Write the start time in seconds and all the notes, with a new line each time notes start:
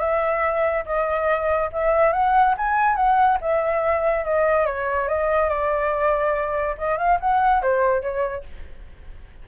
0.00 E5
0.85 D#5
1.73 E5
2.13 F#5
2.57 G#5
2.96 F#5
3.41 E5
4.25 D#5
4.66 C#5
5.08 D#5
5.49 D5
6.78 D#5
6.98 F5
7.20 F#5
7.62 C5
8.02 C#5